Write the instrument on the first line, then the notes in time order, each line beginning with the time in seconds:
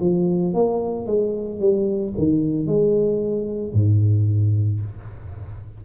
tuba
0.00 F3
0.54 A#3
1.07 G#3
1.60 G3
2.18 D#3
2.67 G#3
3.74 G#2